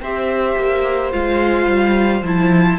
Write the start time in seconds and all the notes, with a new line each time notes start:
0.00 C4 G4 C5 E5
0.57 A#3
1.11 G#3 F4 F5
1.66 G3
2.21 F3 E4 A5